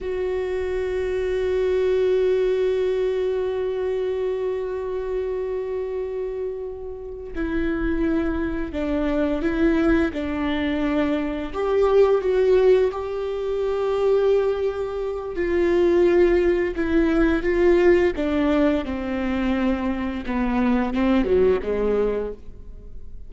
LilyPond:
\new Staff \with { instrumentName = "viola" } { \time 4/4 \tempo 4 = 86 fis'1~ | fis'1~ | fis'2~ fis'8 e'4.~ | e'8 d'4 e'4 d'4.~ |
d'8 g'4 fis'4 g'4.~ | g'2 f'2 | e'4 f'4 d'4 c'4~ | c'4 b4 c'8 fis8 gis4 | }